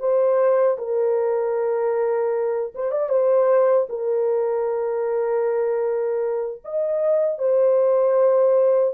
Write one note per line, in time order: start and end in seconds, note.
0.00 0.78 C5
0.79 2.73 A#4
2.75 2.92 C5
2.92 3.10 D5
3.10 3.88 C5
3.90 6.62 A#4
6.65 7.39 D#5
7.39 8.95 C5